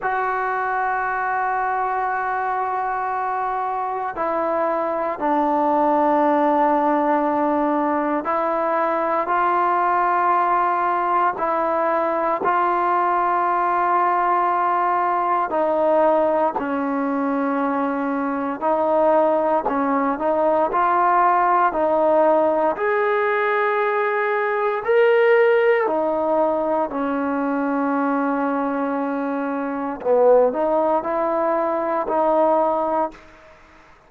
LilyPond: \new Staff \with { instrumentName = "trombone" } { \time 4/4 \tempo 4 = 58 fis'1 | e'4 d'2. | e'4 f'2 e'4 | f'2. dis'4 |
cis'2 dis'4 cis'8 dis'8 | f'4 dis'4 gis'2 | ais'4 dis'4 cis'2~ | cis'4 b8 dis'8 e'4 dis'4 | }